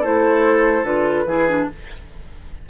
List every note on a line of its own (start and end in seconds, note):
0.00 0.83 A3
0.00 0.84 E4
0.00 1.23 A4
0.00 0.84 C5
0.83 1.24 D3
0.83 1.25 F4
0.83 1.66 B4
1.25 1.66 E3
1.25 1.48 E4
1.25 1.68 G#4
1.48 1.69 D4